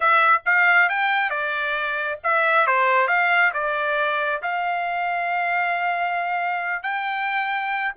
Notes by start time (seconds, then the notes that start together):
0.00 E5
0.45 F5
0.89 G5
1.30 D5
2.23 E5
2.67 C5
3.07 F5
3.53 D5
4.42 F5
6.82 G5